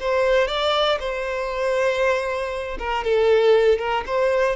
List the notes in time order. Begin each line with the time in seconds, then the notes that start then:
0.00 C5
0.48 D5
0.99 C5
2.79 A#4
3.04 A4
3.78 A#4
4.07 C5